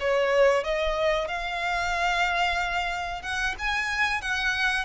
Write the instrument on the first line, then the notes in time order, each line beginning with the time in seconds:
violin
0.00 C#5
0.64 D#5
1.28 F5
3.22 F#5
3.58 G#5
4.22 F#5